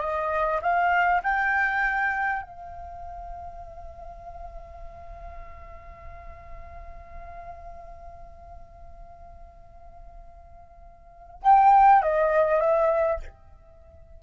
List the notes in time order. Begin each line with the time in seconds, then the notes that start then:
0.00 D#5
0.62 F5
1.23 G5
2.42 F5
11.42 G5
12.02 D#5
12.60 E5